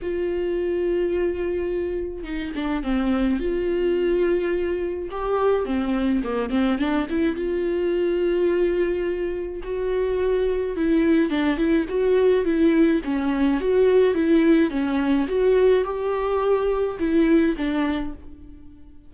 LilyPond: \new Staff \with { instrumentName = "viola" } { \time 4/4 \tempo 4 = 106 f'1 | dis'8 d'8 c'4 f'2~ | f'4 g'4 c'4 ais8 c'8 | d'8 e'8 f'2.~ |
f'4 fis'2 e'4 | d'8 e'8 fis'4 e'4 cis'4 | fis'4 e'4 cis'4 fis'4 | g'2 e'4 d'4 | }